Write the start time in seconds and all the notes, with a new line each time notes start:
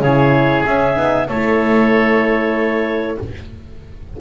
0.00 C#3 E4 G#4 C#5
0.66 C#4 E5
0.96 B3 D#4
1.28 A3 E4 A4 C#5